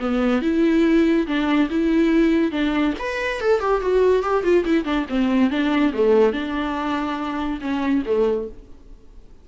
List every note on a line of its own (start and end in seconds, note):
0.00 0.42 B3
0.42 1.27 E4
1.27 1.70 D4
1.70 2.52 E4
2.52 2.94 D4
2.99 3.41 B4
3.41 3.61 A4
3.61 3.81 G4
3.81 4.23 F#4
4.23 4.43 G4
4.43 4.65 F4
4.65 4.85 E4
4.85 5.06 D4
5.09 5.51 C4
5.51 5.93 D4
5.94 6.33 A3
6.33 7.60 D4
7.61 8.04 C#4
8.06 8.48 A3